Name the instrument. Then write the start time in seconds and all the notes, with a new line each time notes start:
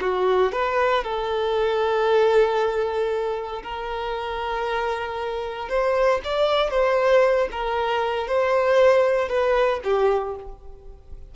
violin
0.00 F#4
0.52 B4
1.04 A4
3.63 A#4
5.68 C5
6.24 D5
6.71 C5
7.51 A#4
8.27 C5
9.28 B4
9.83 G4